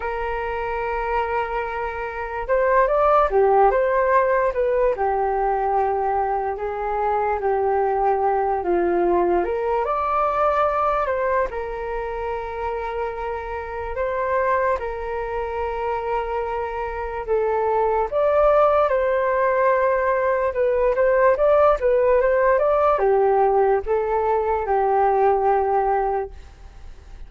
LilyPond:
\new Staff \with { instrumentName = "flute" } { \time 4/4 \tempo 4 = 73 ais'2. c''8 d''8 | g'8 c''4 b'8 g'2 | gis'4 g'4. f'4 ais'8 | d''4. c''8 ais'2~ |
ais'4 c''4 ais'2~ | ais'4 a'4 d''4 c''4~ | c''4 b'8 c''8 d''8 b'8 c''8 d''8 | g'4 a'4 g'2 | }